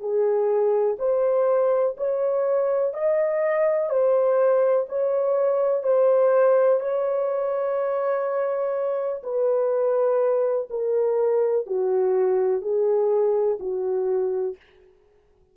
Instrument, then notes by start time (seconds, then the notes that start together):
horn
0.00 G#4
0.99 C5
1.97 C#5
2.94 D#5
3.89 C5
4.89 C#5
5.83 C5
6.80 C#5
9.23 B4
10.70 A#4
11.67 F#4
12.62 G#4
13.60 F#4